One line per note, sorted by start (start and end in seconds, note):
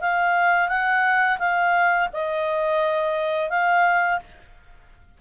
0.00 0.68 F5
0.68 1.38 F#5
1.38 2.08 F5
2.12 3.49 D#5
3.49 4.19 F5